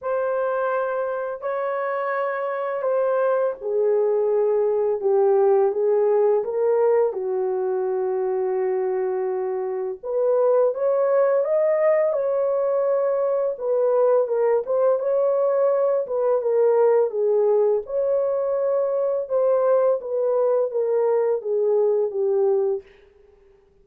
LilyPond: \new Staff \with { instrumentName = "horn" } { \time 4/4 \tempo 4 = 84 c''2 cis''2 | c''4 gis'2 g'4 | gis'4 ais'4 fis'2~ | fis'2 b'4 cis''4 |
dis''4 cis''2 b'4 | ais'8 c''8 cis''4. b'8 ais'4 | gis'4 cis''2 c''4 | b'4 ais'4 gis'4 g'4 | }